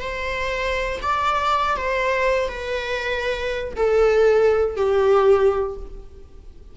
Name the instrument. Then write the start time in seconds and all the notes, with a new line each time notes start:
viola
0.00 C5
1.02 D5
1.77 C5
2.49 B4
3.76 A4
4.76 G4